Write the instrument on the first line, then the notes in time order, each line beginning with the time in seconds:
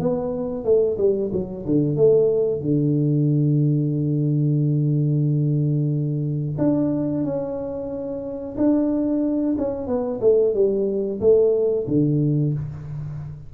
tuba
0.00 B3
0.65 A3
0.98 G3
1.33 F#3
1.66 D3
1.97 A3
2.62 D3
6.58 D4
7.24 C#4
8.57 D4
9.58 C#4
9.88 B3
10.21 A3
10.54 G3
11.21 A3
11.88 D3